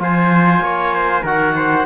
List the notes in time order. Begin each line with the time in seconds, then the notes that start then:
0.00 F3 F4 C5 G#5
0.61 A#3 C#5
0.95 C5
1.23 D#3 F#4 A#4 F#5
1.56 C5